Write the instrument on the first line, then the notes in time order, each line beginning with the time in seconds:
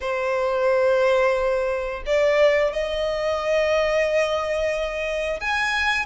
violin
0.00 C5
2.06 D5
2.72 D#5
5.40 G#5